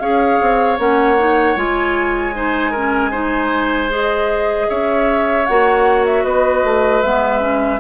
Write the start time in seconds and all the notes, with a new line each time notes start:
0.00 C#4 G#4 C#5 F5
0.41 C4
0.78 A#3 C#4 F#5
1.18 D#4
1.56 G#3 F4 G#5
2.35 D#4 C5
2.71 C#4 A#4
3.11 D#4 C5
3.90 G#4 D#5
4.69 C#4 C#5 E5
5.46 A#3 F#4 F#5
6.06 E5
6.24 B3 B4 D#5
6.64 A3
7.02 G#3 B3 E5
7.40 C#4